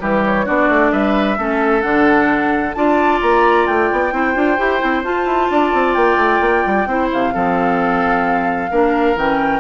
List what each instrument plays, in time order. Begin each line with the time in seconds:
0.00 bassoon E3, clarinet G3, oboe G4, flute B4
0.26 flute C#5
0.45 bassoon B3, clarinet D4, oboe F#4, flute D5
0.69 bassoon A3
0.92 bassoon G3, oboe B4, flute E5
1.38 bassoon A3, clarinet C#4, oboe A4
1.81 bassoon D3, clarinet D4, flute F#5
2.73 bassoon D4, clarinet F4, oboe D5, flute A5
3.21 bassoon A#3, flute A#5
3.66 bassoon A3, flute G5
3.92 bassoon B3
4.12 bassoon C4, clarinet E4, oboe C5
4.34 bassoon D4, clarinet F4
4.57 bassoon E4, clarinet G4
4.79 bassoon C4, clarinet E4
5.04 bassoon F4, clarinet F4, flute A5
5.25 bassoon E4
5.50 bassoon D4, oboe D5
5.73 bassoon C4
5.94 bassoon A#3, flute G5
6.16 bassoon A3
6.41 bassoon A#3
6.66 bassoon G3
6.86 bassoon C4, clarinet E4, oboe C5
7.12 bassoon C3, flute F5
7.32 bassoon F3, clarinet C4, oboe A4
8.70 bassoon A#3, clarinet D4, oboe A#4
9.15 bassoon E3, clarinet C#4, flute G5